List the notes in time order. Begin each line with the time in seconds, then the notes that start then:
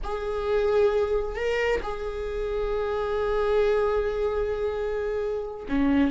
0.03 G#4
1.35 A#4
1.83 G#4
5.68 C#4